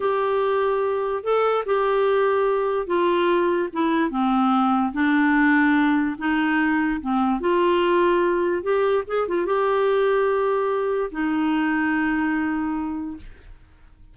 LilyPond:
\new Staff \with { instrumentName = "clarinet" } { \time 4/4 \tempo 4 = 146 g'2. a'4 | g'2. f'4~ | f'4 e'4 c'2 | d'2. dis'4~ |
dis'4 c'4 f'2~ | f'4 g'4 gis'8 f'8 g'4~ | g'2. dis'4~ | dis'1 | }